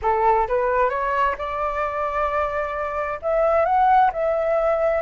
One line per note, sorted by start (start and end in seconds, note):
0.02 0.47 A4
0.48 0.89 B4
0.89 1.35 C#5
1.37 3.19 D5
3.21 3.65 E5
3.65 4.10 F#5
4.12 5.01 E5